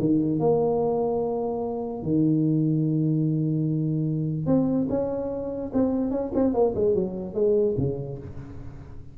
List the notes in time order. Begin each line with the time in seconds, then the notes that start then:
0.00 D#3
0.40 A#3
2.03 D#3
4.47 C4
4.90 C#4
5.74 C4
6.11 C#4
6.35 C4
6.54 A#3
6.75 G#3
6.95 F#3
7.34 G#3
7.78 C#3